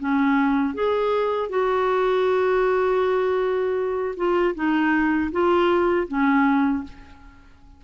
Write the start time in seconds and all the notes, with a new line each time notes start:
0.00 C#4
0.75 G#4
1.50 F#4
4.17 F4
4.56 D#4
5.32 F4
6.08 C#4